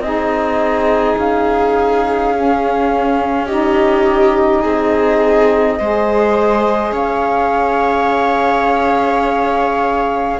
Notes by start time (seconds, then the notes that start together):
0.00 C4 D#4 G#4 D#5
1.18 C#4 F5
2.35 C#4
3.47 D#4 G4 D#5
4.62 C4 G#4
5.79 G#3 G#4 C5
6.92 C#4 C#5 F5